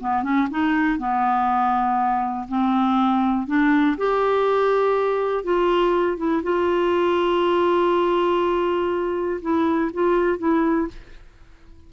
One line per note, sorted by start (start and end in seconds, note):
0.00 0.23 B3
0.23 0.48 C#4
0.50 0.98 D#4
0.98 2.47 B3
2.48 3.47 C4
3.47 3.96 D4
3.97 5.44 G4
5.44 6.17 F4
6.17 6.42 E4
6.43 9.41 F4
9.41 9.91 E4
9.93 10.38 F4
10.38 10.88 E4